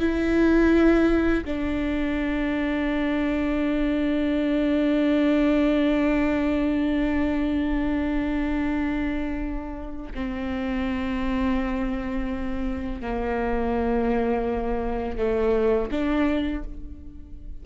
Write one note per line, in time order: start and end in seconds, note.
0.00 1.45 E4
1.45 10.13 D4
10.15 13.02 C4
13.02 15.18 A#3
15.18 15.90 A3
15.92 16.64 D4